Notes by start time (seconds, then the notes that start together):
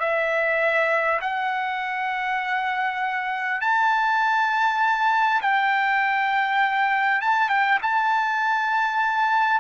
0.00 E5
1.21 F#5
3.61 A5
5.42 G5
7.22 A5
7.49 G5
7.82 A5